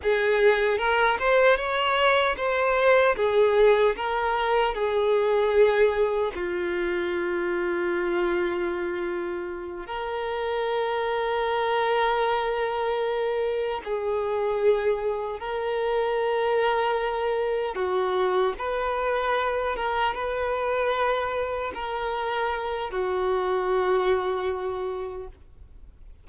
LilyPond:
\new Staff \with { instrumentName = "violin" } { \time 4/4 \tempo 4 = 76 gis'4 ais'8 c''8 cis''4 c''4 | gis'4 ais'4 gis'2 | f'1~ | f'8 ais'2.~ ais'8~ |
ais'4. gis'2 ais'8~ | ais'2~ ais'8 fis'4 b'8~ | b'4 ais'8 b'2 ais'8~ | ais'4 fis'2. | }